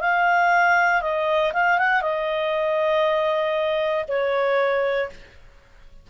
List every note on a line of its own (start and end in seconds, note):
0.00 1.01 F5
1.01 1.52 D#5
1.53 1.78 F5
1.78 2.02 F#5
2.02 4.05 D#5
4.08 5.09 C#5